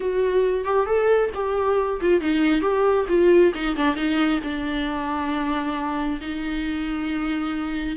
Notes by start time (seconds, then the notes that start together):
0.00 F#4
0.64 G4
0.86 A4
1.34 G4
2.01 F4
2.21 D#4
2.61 G4
3.08 F4
3.54 D#4
3.76 D4
3.95 D#4
4.43 D4
6.20 D#4